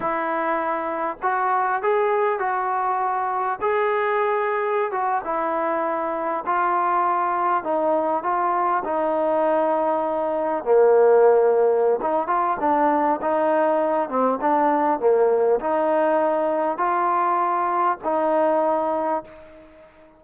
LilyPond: \new Staff \with { instrumentName = "trombone" } { \time 4/4 \tempo 4 = 100 e'2 fis'4 gis'4 | fis'2 gis'2~ | gis'16 fis'8 e'2 f'4~ f'16~ | f'8. dis'4 f'4 dis'4~ dis'16~ |
dis'4.~ dis'16 ais2~ ais16 | dis'8 f'8 d'4 dis'4. c'8 | d'4 ais4 dis'2 | f'2 dis'2 | }